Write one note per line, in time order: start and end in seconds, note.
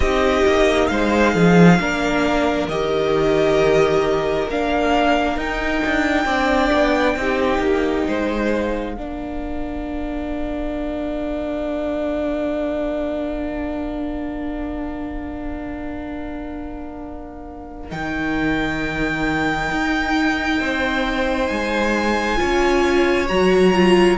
0.00 0.42 C4
0.00 1.79 D#4
0.00 0.89 G4
0.00 0.87 D#5
0.46 0.90 A#3
0.87 1.34 G#3
0.87 1.34 C5
0.87 2.66 F5
1.34 1.79 F3
1.34 1.79 G#4
1.79 2.68 A#3
1.79 2.69 D4
1.79 6.25 A#4
2.68 4.47 D#3
2.68 4.49 G4
2.68 4.47 D#5
4.49 5.36 A#3
4.49 5.37 D4
4.49 5.38 F5
5.36 5.81 D#4
5.36 6.26 D#4
5.36 8.51 G5
5.85 6.25 D4
6.25 6.70 C4
6.25 7.17 D4
6.25 7.15 D5
6.72 7.16 B3
7.16 7.58 C4
7.16 8.96 D#4
7.16 8.07 G4
7.58 8.03 A#3
8.07 8.96 G#3
8.07 8.95 C5
8.51 17.91 F5
8.95 17.91 A#3
8.95 17.89 D4
8.95 20.60 A#4
17.89 19.70 D#3
17.89 22.36 D#4
17.89 21.47 G5
19.71 20.59 D#4
20.59 21.49 C4
20.59 22.39 C5
21.47 22.40 G#3
21.47 23.26 G#5
22.36 23.29 C#4
22.36 23.26 F4
22.36 24.17 C#5
23.28 24.17 F#3
23.28 23.73 F#4
23.28 24.17 A#5
23.73 24.17 F4